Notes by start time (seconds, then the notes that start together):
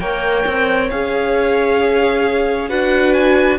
0.00 A#3 A#4 C#5 G5
0.46 C4
0.91 C#4 G#4 F5
2.69 D4 F#4 B4 F#5
3.14 G#5